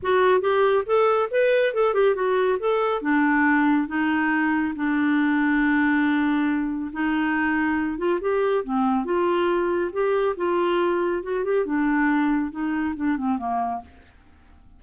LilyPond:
\new Staff \with { instrumentName = "clarinet" } { \time 4/4 \tempo 4 = 139 fis'4 g'4 a'4 b'4 | a'8 g'8 fis'4 a'4 d'4~ | d'4 dis'2 d'4~ | d'1 |
dis'2~ dis'8 f'8 g'4 | c'4 f'2 g'4 | f'2 fis'8 g'8 d'4~ | d'4 dis'4 d'8 c'8 ais4 | }